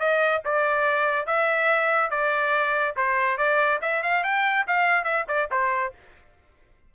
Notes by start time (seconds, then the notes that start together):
0.00 D#5
0.45 D5
1.27 E5
2.11 D5
2.97 C5
3.38 D5
3.82 E5
4.03 F5
4.24 G5
4.67 F5
5.05 E5
5.28 D5
5.52 C5